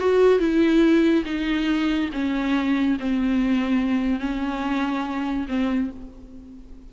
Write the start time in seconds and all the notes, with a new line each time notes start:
0.00 F#4
0.40 E4
1.25 D#4
2.13 C#4
3.00 C4
4.20 C#4
5.49 C4